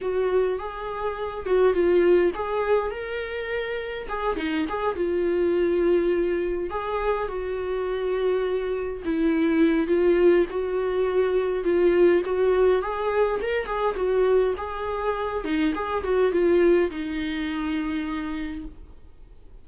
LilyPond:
\new Staff \with { instrumentName = "viola" } { \time 4/4 \tempo 4 = 103 fis'4 gis'4. fis'8 f'4 | gis'4 ais'2 gis'8 dis'8 | gis'8 f'2. gis'8~ | gis'8 fis'2. e'8~ |
e'4 f'4 fis'2 | f'4 fis'4 gis'4 ais'8 gis'8 | fis'4 gis'4. dis'8 gis'8 fis'8 | f'4 dis'2. | }